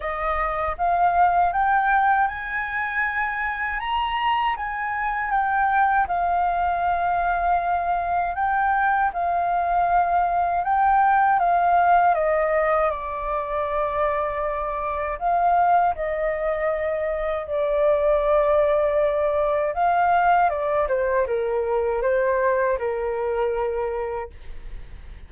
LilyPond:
\new Staff \with { instrumentName = "flute" } { \time 4/4 \tempo 4 = 79 dis''4 f''4 g''4 gis''4~ | gis''4 ais''4 gis''4 g''4 | f''2. g''4 | f''2 g''4 f''4 |
dis''4 d''2. | f''4 dis''2 d''4~ | d''2 f''4 d''8 c''8 | ais'4 c''4 ais'2 | }